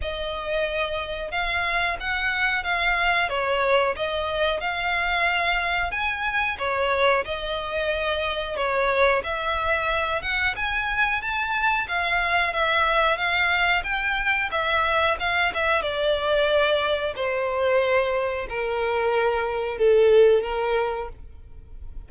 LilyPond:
\new Staff \with { instrumentName = "violin" } { \time 4/4 \tempo 4 = 91 dis''2 f''4 fis''4 | f''4 cis''4 dis''4 f''4~ | f''4 gis''4 cis''4 dis''4~ | dis''4 cis''4 e''4. fis''8 |
gis''4 a''4 f''4 e''4 | f''4 g''4 e''4 f''8 e''8 | d''2 c''2 | ais'2 a'4 ais'4 | }